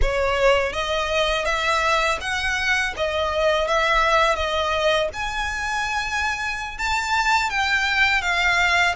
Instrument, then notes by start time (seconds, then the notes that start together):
violin
0.01 C#5
0.73 D#5
1.45 E5
2.21 F#5
2.96 D#5
3.68 E5
4.35 D#5
5.13 G#5
6.77 A5
7.50 G5
8.21 F5